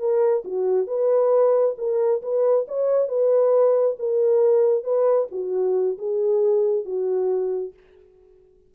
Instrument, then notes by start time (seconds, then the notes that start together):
horn
0.00 A#4
0.45 F#4
0.87 B4
1.78 A#4
2.23 B4
2.68 C#5
3.09 B4
4.00 A#4
4.84 B4
5.32 F#4
5.99 G#4
6.86 F#4